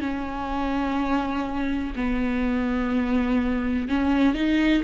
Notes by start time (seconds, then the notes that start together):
0.00 C#4
1.96 B3
3.88 C#4
4.34 D#4